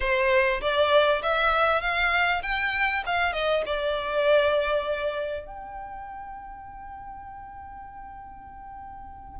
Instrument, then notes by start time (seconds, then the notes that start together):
violin
0.00 C5
0.61 D5
1.22 E5
1.81 F5
2.42 G5
3.06 F5
3.33 D#5
3.65 D5
5.46 G5